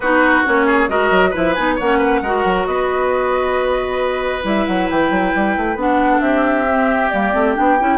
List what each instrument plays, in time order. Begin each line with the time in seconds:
0.00 bassoon B3, clarinet D#4, oboe F#4, flute B4
0.45 bassoon A#3, clarinet C#4, flute C#5
0.66 oboe G#4
0.88 bassoon G#3, clarinet F#4, oboe A#4, flute D#5
1.11 bassoon F#3
1.30 bassoon F3, clarinet E4, oboe B4
1.36 flute E5
1.54 bassoon B3, clarinet D#4, flute G#5
1.75 bassoon A#3, clarinet C#4, oboe C#5, flute F#5
1.97 oboe B4
2.21 bassoon G#3, clarinet F#4, oboe A#4
2.44 bassoon F#3
2.66 bassoon B3, oboe B4, flute D#5
4.42 bassoon G3, clarinet E4, flute E5
4.66 bassoon F#3, flute F#5
4.90 bassoon E3, flute G5
5.10 bassoon F#3
5.35 bassoon G3
5.56 bassoon A3
5.75 bassoon B3, clarinet D4, flute F#5
6.12 oboe A4
6.20 bassoon C4, oboe G4, flute E5
6.67 clarinet C4
7.09 bassoon G3, clarinet A#3, flute D5
7.32 bassoon A3, clarinet C4
7.55 bassoon B3, clarinet D4, flute G5
7.79 bassoon C#4, clarinet E4